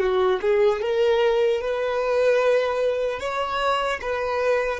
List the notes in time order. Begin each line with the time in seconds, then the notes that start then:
0.00 F#4
0.42 G#4
0.82 A#4
1.61 B4
3.20 C#5
4.02 B4